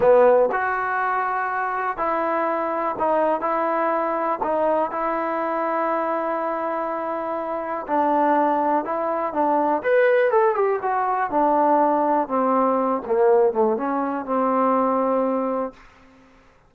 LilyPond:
\new Staff \with { instrumentName = "trombone" } { \time 4/4 \tempo 4 = 122 b4 fis'2. | e'2 dis'4 e'4~ | e'4 dis'4 e'2~ | e'1 |
d'2 e'4 d'4 | b'4 a'8 g'8 fis'4 d'4~ | d'4 c'4. ais4 a8 | cis'4 c'2. | }